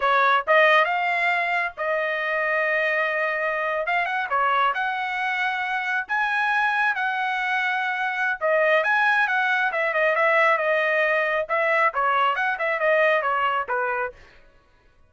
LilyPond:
\new Staff \with { instrumentName = "trumpet" } { \time 4/4 \tempo 4 = 136 cis''4 dis''4 f''2 | dis''1~ | dis''8. f''8 fis''8 cis''4 fis''4~ fis''16~ | fis''4.~ fis''16 gis''2 fis''16~ |
fis''2. dis''4 | gis''4 fis''4 e''8 dis''8 e''4 | dis''2 e''4 cis''4 | fis''8 e''8 dis''4 cis''4 b'4 | }